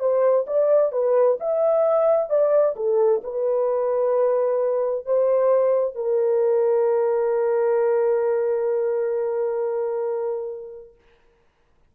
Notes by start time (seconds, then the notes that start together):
0.00 C5
0.47 D5
0.92 B4
1.40 E5
2.30 D5
2.76 A4
3.24 B4
5.06 C5
5.96 A#4